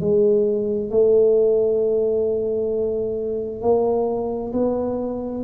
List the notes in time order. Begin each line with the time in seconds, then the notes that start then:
0.00 G#3
0.90 A3
3.61 A#3
4.53 B3